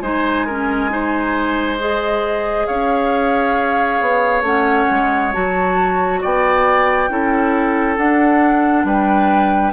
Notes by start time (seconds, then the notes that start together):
0.00 G#3 D#4 C5 G#5
0.46 C#4 A#4
0.90 D#4 C5
1.80 G#4 D#5
2.67 C#4 C#5 F5
4.01 B3
4.42 A3 C#4 F#5
4.91 G#3
5.33 F#3 F#4 A5
6.22 B3 D5 G5
7.09 C#4 E4 A4
7.97 D4 F#5
8.84 G3 B4 G5